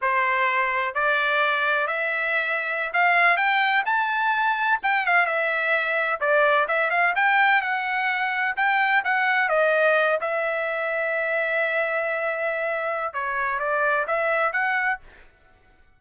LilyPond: \new Staff \with { instrumentName = "trumpet" } { \time 4/4 \tempo 4 = 128 c''2 d''2 | e''2~ e''16 f''4 g''8.~ | g''16 a''2 g''8 f''8 e''8.~ | e''4~ e''16 d''4 e''8 f''8 g''8.~ |
g''16 fis''2 g''4 fis''8.~ | fis''16 dis''4. e''2~ e''16~ | e''1 | cis''4 d''4 e''4 fis''4 | }